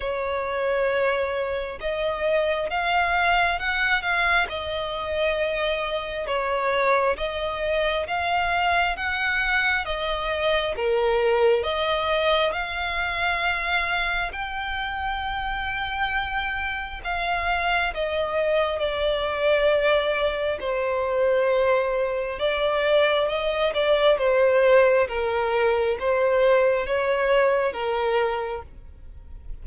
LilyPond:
\new Staff \with { instrumentName = "violin" } { \time 4/4 \tempo 4 = 67 cis''2 dis''4 f''4 | fis''8 f''8 dis''2 cis''4 | dis''4 f''4 fis''4 dis''4 | ais'4 dis''4 f''2 |
g''2. f''4 | dis''4 d''2 c''4~ | c''4 d''4 dis''8 d''8 c''4 | ais'4 c''4 cis''4 ais'4 | }